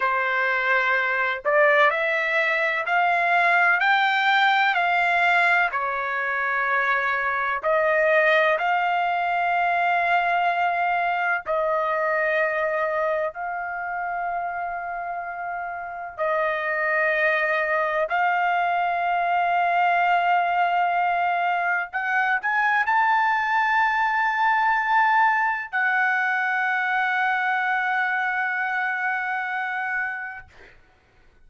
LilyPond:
\new Staff \with { instrumentName = "trumpet" } { \time 4/4 \tempo 4 = 63 c''4. d''8 e''4 f''4 | g''4 f''4 cis''2 | dis''4 f''2. | dis''2 f''2~ |
f''4 dis''2 f''4~ | f''2. fis''8 gis''8 | a''2. fis''4~ | fis''1 | }